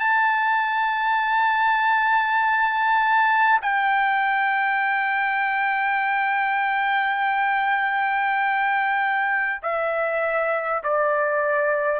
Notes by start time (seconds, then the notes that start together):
0.00 A5
3.62 G5
9.63 E5
10.84 D5